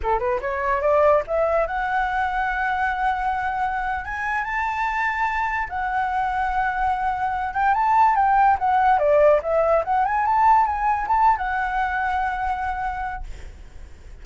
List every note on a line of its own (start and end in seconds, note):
0.02 0.19 A4
0.19 0.40 B4
0.40 0.81 C#5
0.81 1.22 D5
1.27 1.66 E5
1.66 4.04 F#5
4.05 4.44 G#5
4.44 5.68 A5
5.69 7.53 F#5
7.53 7.74 G5
7.74 8.15 A5
8.15 8.57 G5
8.58 8.98 F#5
8.98 9.40 D5
9.42 9.83 E5
9.84 10.05 F#5
10.05 10.25 G#5
10.25 10.66 A5
10.66 11.07 G#5
11.07 11.37 A5
11.37 13.23 F#5